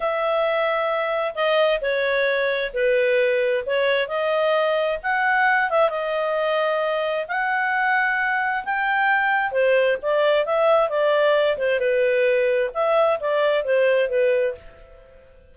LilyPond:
\new Staff \with { instrumentName = "clarinet" } { \time 4/4 \tempo 4 = 132 e''2. dis''4 | cis''2 b'2 | cis''4 dis''2 fis''4~ | fis''8 e''8 dis''2. |
fis''2. g''4~ | g''4 c''4 d''4 e''4 | d''4. c''8 b'2 | e''4 d''4 c''4 b'4 | }